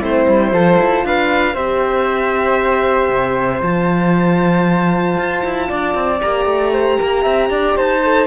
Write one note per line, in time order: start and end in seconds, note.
0.00 0.27 A3
0.00 0.51 C4
0.00 0.53 E4
0.00 1.06 C5
0.28 0.52 G3
0.51 0.78 F3
0.51 1.55 F4
0.51 1.05 A4
0.79 1.04 E4
1.04 1.55 D4
1.04 1.53 B4
1.04 1.55 F5
1.53 3.09 C4
1.53 3.62 G4
1.53 5.67 C5
1.53 3.62 E5
3.09 3.61 C3
3.62 5.17 F3
3.62 6.21 F4
3.62 6.21 A5
5.18 5.44 F4
5.44 5.70 E4
5.68 5.94 D4
5.68 6.72 D5
5.94 6.20 C4
6.21 6.45 A#3
6.21 8.02 G4
6.21 7.76 A#5
6.45 6.97 A3
6.72 6.98 C5
6.98 7.26 A#3
6.98 7.22 A#4
7.22 7.49 C4
7.22 7.48 E5
7.49 7.75 D4
7.49 7.76 D5
7.76 8.27 D#4
7.76 8.27 C5
7.76 8.27 A5
8.03 8.27 A4